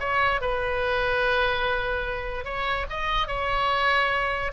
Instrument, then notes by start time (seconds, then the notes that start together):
oboe
0.00 C#5
0.41 B4
2.45 C#5
2.90 D#5
3.28 C#5